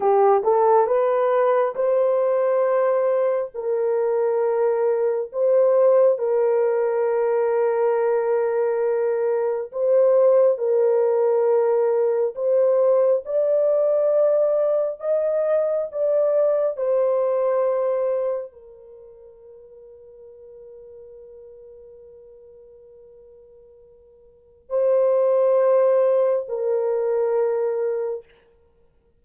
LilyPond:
\new Staff \with { instrumentName = "horn" } { \time 4/4 \tempo 4 = 68 g'8 a'8 b'4 c''2 | ais'2 c''4 ais'4~ | ais'2. c''4 | ais'2 c''4 d''4~ |
d''4 dis''4 d''4 c''4~ | c''4 ais'2.~ | ais'1 | c''2 ais'2 | }